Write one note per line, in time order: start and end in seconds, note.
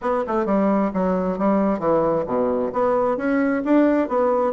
0.01 0.24 B3
0.27 0.45 A3
0.45 0.91 G3
0.93 1.38 F#3
1.38 1.79 G3
1.79 2.24 E3
2.26 2.71 B2
2.72 3.17 B3
3.17 3.62 C#4
3.64 4.08 D4
4.08 4.53 B3